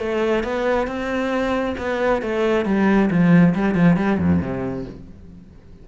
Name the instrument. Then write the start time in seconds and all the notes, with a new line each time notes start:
cello
0.00 A3
0.44 B3
0.88 C4
1.78 B3
2.22 A3
2.66 G3
3.11 F3
3.56 G3
3.75 F3
3.97 G3
4.19 F2
4.41 C3